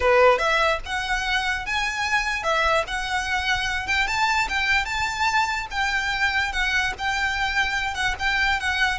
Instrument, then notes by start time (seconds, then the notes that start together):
violin
0.00 B4
0.38 E5
0.85 F#5
1.65 G#5
2.43 E5
2.87 F#5
3.87 G5
4.07 A5
4.49 G5
4.85 A5
5.71 G5
6.52 F#5
6.98 G5
7.94 F#5
8.19 G5
8.59 F#5